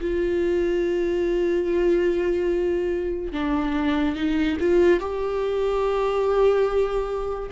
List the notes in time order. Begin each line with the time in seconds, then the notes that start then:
0.00 F4
3.32 D4
4.15 D#4
4.59 F4
5.00 G4